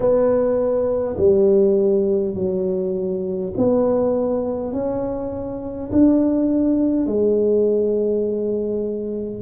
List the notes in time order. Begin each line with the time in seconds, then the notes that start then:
0.00 B3
1.17 G3
2.35 F#3
3.57 B3
4.72 C#4
5.91 D4
7.06 G#3